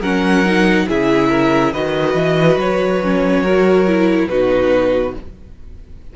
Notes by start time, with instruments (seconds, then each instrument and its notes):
0.00 cello F#3, viola C#4, violin A#4 F#5
0.45 viola D#4
0.87 cello C#3, viola E4, violin G#4 E5
1.29 violin A#4
1.72 cello D#3, viola F#4, violin B4 D#5
2.14 cello E3
2.56 cello F#3, violin C#5
3.03 viola C#4
3.42 viola F#4, violin A#4
3.87 viola E4
4.27 cello B2, viola D#4, violin F#4 B4